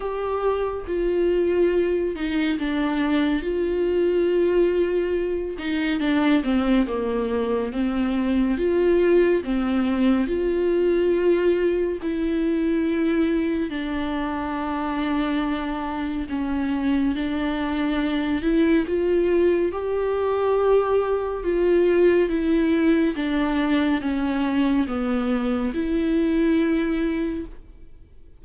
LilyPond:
\new Staff \with { instrumentName = "viola" } { \time 4/4 \tempo 4 = 70 g'4 f'4. dis'8 d'4 | f'2~ f'8 dis'8 d'8 c'8 | ais4 c'4 f'4 c'4 | f'2 e'2 |
d'2. cis'4 | d'4. e'8 f'4 g'4~ | g'4 f'4 e'4 d'4 | cis'4 b4 e'2 | }